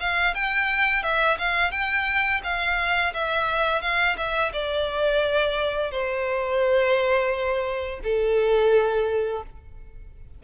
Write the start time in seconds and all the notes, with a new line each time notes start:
0.00 F5
0.34 G5
1.03 E5
1.39 F5
1.71 G5
2.44 F5
3.14 E5
3.82 F5
4.17 E5
4.53 D5
5.91 C5
8.04 A4